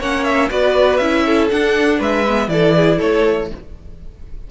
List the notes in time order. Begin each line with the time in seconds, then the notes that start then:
0.00 A#3 C#4 C#5 F#5
0.24 E5
0.49 B3 F#4 B4 D5
0.98 C#4 E4 E5
1.26 A4
1.50 D4 F#5
1.99 G#3 B4 E5
2.28 B3
2.48 E3 E4 A4 D5
2.77 G#4
2.98 A3 A4 C#5